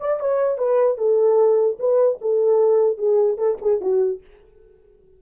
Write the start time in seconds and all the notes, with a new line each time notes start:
0.00 D5
0.20 C#5
0.58 B4
0.98 A4
1.79 B4
2.21 A4
2.97 G#4
3.38 A4
3.61 G#4
3.81 F#4